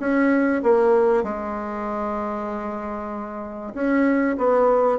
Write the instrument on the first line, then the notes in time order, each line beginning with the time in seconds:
bassoon
0.00 C#4
0.63 A#3
1.24 G#3
3.74 C#4
4.38 B3